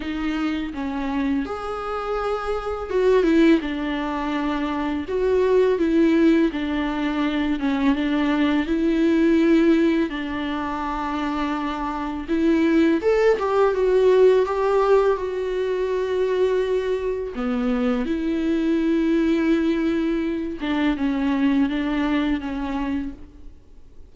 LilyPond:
\new Staff \with { instrumentName = "viola" } { \time 4/4 \tempo 4 = 83 dis'4 cis'4 gis'2 | fis'8 e'8 d'2 fis'4 | e'4 d'4. cis'8 d'4 | e'2 d'2~ |
d'4 e'4 a'8 g'8 fis'4 | g'4 fis'2. | b4 e'2.~ | e'8 d'8 cis'4 d'4 cis'4 | }